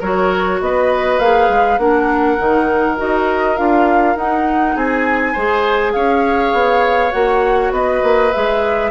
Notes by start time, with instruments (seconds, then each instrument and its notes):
0.00 bassoon F#3, clarinet F#4, oboe A#4, flute C#5
0.61 bassoon B3, oboe B4, flute D#5
1.19 bassoon A#3, clarinet G#4, flute F5
1.49 bassoon G#3
1.78 bassoon A#3, clarinet D4, oboe A#4, flute F#5
2.38 bassoon D#3, clarinet D#4
2.97 bassoon D#4, clarinet F#4, flute D#5
3.56 bassoon D4, clarinet F4, flute F5
4.16 bassoon D#4, clarinet D#4, flute F#5
4.75 bassoon C4, oboe G#4, flute G#5
5.32 bassoon G#3, clarinet G#4, oboe C5
5.93 bassoon C#4, oboe C#5, flute F5
6.53 bassoon B3
7.12 bassoon A#3, clarinet F#4, flute F#5
7.71 bassoon B3, oboe B4, flute D#5
8.03 bassoon A#3
8.33 bassoon G#3, clarinet G#4, flute E5